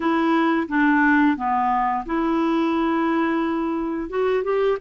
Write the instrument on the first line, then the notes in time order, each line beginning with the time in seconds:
clarinet
0.00 E4
0.68 D4
1.36 B3
2.05 E4
4.09 F#4
4.43 G4